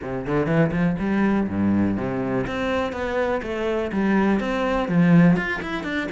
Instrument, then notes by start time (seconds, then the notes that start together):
cello
0.02 C3
0.26 D3
0.46 E3
0.71 F3
0.99 G3
1.48 G2
1.97 C3
2.46 C4
2.92 B3
3.42 A3
3.92 G3
4.40 C4
4.88 F3
5.36 F4
5.62 E4
5.83 D4